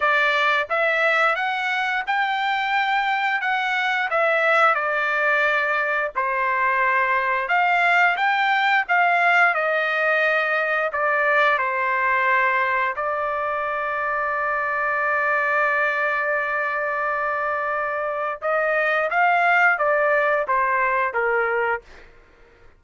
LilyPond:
\new Staff \with { instrumentName = "trumpet" } { \time 4/4 \tempo 4 = 88 d''4 e''4 fis''4 g''4~ | g''4 fis''4 e''4 d''4~ | d''4 c''2 f''4 | g''4 f''4 dis''2 |
d''4 c''2 d''4~ | d''1~ | d''2. dis''4 | f''4 d''4 c''4 ais'4 | }